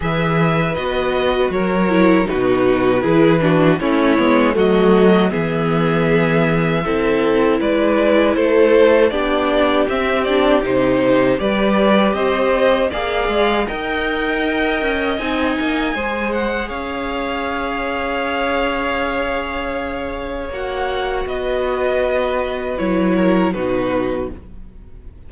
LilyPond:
<<
  \new Staff \with { instrumentName = "violin" } { \time 4/4 \tempo 4 = 79 e''4 dis''4 cis''4 b'4~ | b'4 cis''4 dis''4 e''4~ | e''2 d''4 c''4 | d''4 e''8 d''8 c''4 d''4 |
dis''4 f''4 g''2 | gis''4. fis''8 f''2~ | f''2. fis''4 | dis''2 cis''4 b'4 | }
  \new Staff \with { instrumentName = "violin" } { \time 4/4 b'2 ais'4 fis'4 | gis'8 fis'8 e'4 fis'4 gis'4~ | gis'4 a'4 b'4 a'4 | g'2. b'4 |
c''4 d''4 dis''2~ | dis''4 c''4 cis''2~ | cis''1 | b'2~ b'8 ais'8 fis'4 | }
  \new Staff \with { instrumentName = "viola" } { \time 4/4 gis'4 fis'4. e'8 dis'4 | e'8 d'8 cis'8 b8 a4 b4~ | b4 e'2. | d'4 c'8 d'8 dis'4 g'4~ |
g'4 gis'4 ais'2 | dis'4 gis'2.~ | gis'2. fis'4~ | fis'2 e'4 dis'4 | }
  \new Staff \with { instrumentName = "cello" } { \time 4/4 e4 b4 fis4 b,4 | e4 a8 gis8 fis4 e4~ | e4 c'4 gis4 a4 | b4 c'4 c4 g4 |
c'4 ais8 gis8 dis'4. cis'8 | c'8 ais8 gis4 cis'2~ | cis'2. ais4 | b2 fis4 b,4 | }
>>